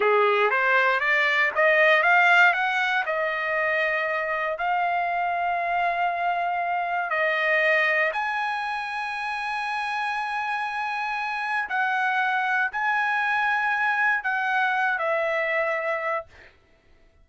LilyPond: \new Staff \with { instrumentName = "trumpet" } { \time 4/4 \tempo 4 = 118 gis'4 c''4 d''4 dis''4 | f''4 fis''4 dis''2~ | dis''4 f''2.~ | f''2 dis''2 |
gis''1~ | gis''2. fis''4~ | fis''4 gis''2. | fis''4. e''2~ e''8 | }